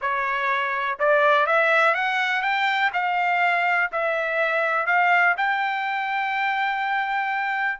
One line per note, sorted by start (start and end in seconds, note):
0.01 0.98 C#5
0.99 1.46 D5
1.46 1.94 E5
1.94 2.41 F#5
2.41 2.90 G5
2.93 3.90 F5
3.92 4.86 E5
4.86 5.35 F5
5.37 7.79 G5